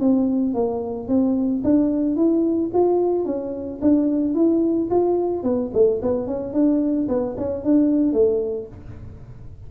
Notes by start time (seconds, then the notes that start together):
0.00 C4
0.54 A#3
1.08 C4
1.65 D4
2.16 E4
2.74 F4
3.26 C#4
3.82 D4
4.35 E4
4.91 F4
5.44 B3
5.74 A3
6.02 B3
6.27 C#4
6.54 D4
7.09 B3
7.38 C#4
7.65 D4
8.13 A3